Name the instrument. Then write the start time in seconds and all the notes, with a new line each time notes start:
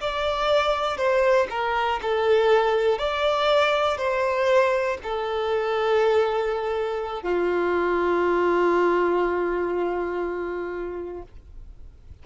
violin
0.00 D5
0.97 C5
1.50 A#4
2.01 A4
2.98 D5
3.97 C5
5.03 A4
7.22 F4